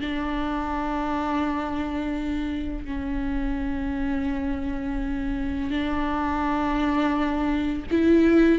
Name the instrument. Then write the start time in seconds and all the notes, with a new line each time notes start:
viola
0.00 D4
2.85 C#4
5.70 D4
7.91 E4